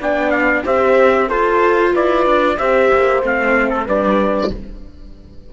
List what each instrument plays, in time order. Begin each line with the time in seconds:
0.00 cello B3, viola D4, horn D5, trumpet G5
0.31 trumpet F5
0.65 cello C4, viola G4, horn C5, trumpet E5
1.28 viola F4, cello F4, horn A4, trumpet C5
1.93 cello E4, horn B4, trumpet D5
2.26 cello D4
2.58 cello C4, viola G4, horn C5, trumpet E5
2.93 cello A#3
3.22 cello A3, viola C4, trumpet F5
3.70 trumpet A4
3.86 cello G3, viola D4, horn B4, trumpet D5